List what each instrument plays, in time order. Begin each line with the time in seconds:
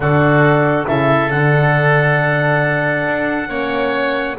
0.00 double bass D3, horn D4, oboe F#4, clarinet A4
0.86 double bass C#3, horn E4, oboe A4, clarinet E5
1.30 double bass D3, horn D4, clarinet F#5
3.06 double bass D4
3.48 double bass A#3, horn C#4, oboe C#5